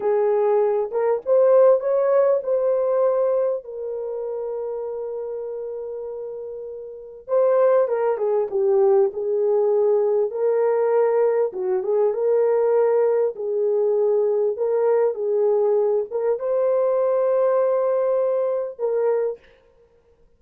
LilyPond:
\new Staff \with { instrumentName = "horn" } { \time 4/4 \tempo 4 = 99 gis'4. ais'8 c''4 cis''4 | c''2 ais'2~ | ais'1 | c''4 ais'8 gis'8 g'4 gis'4~ |
gis'4 ais'2 fis'8 gis'8 | ais'2 gis'2 | ais'4 gis'4. ais'8 c''4~ | c''2. ais'4 | }